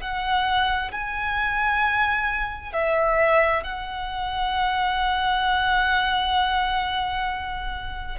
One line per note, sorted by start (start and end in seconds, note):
0.00 0.91 F#5
0.91 2.72 G#5
2.72 3.63 E5
3.63 8.18 F#5